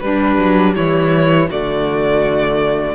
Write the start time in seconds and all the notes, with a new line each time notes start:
0.00 G3 D4 B4
0.37 F#3
0.75 E3 E4 C#5
1.49 D3 A3 F#4 D5